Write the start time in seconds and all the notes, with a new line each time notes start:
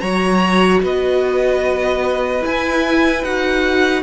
0.00 F#3 F#4 C#5 A#5
0.83 B3 B4 D#5
2.41 E4 G#5
3.24 D#4 F#4 F#5